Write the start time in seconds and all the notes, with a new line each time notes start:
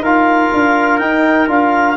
0.00 D#4 F4 A#4 F5
0.53 D4
0.99 D#4 G5
1.48 D4 F4 F5